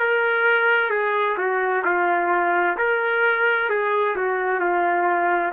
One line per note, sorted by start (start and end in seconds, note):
0.00 0.91 A#4
0.91 1.37 G#4
1.38 1.84 F#4
1.85 2.78 F4
2.78 3.70 A#4
3.70 4.16 G#4
4.17 4.60 F#4
4.60 5.53 F4